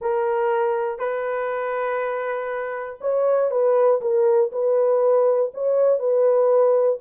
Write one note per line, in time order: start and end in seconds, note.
0.01 0.99 A#4
0.99 2.99 B4
3.00 3.50 C#5
3.50 4.00 B4
4.01 4.51 A#4
4.52 5.52 B4
5.53 5.99 C#5
5.99 6.99 B4